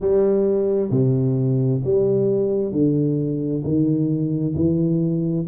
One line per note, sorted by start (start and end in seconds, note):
0.00 0.90 G3
0.90 1.81 C3
1.83 2.71 G3
2.71 3.62 D3
3.63 4.54 D#3
4.55 5.46 E3